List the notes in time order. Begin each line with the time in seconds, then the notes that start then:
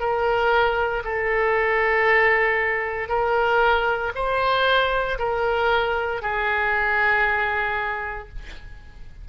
0.00 A#4
1.04 A4
3.09 A#4
4.15 C5
5.19 A#4
6.22 G#4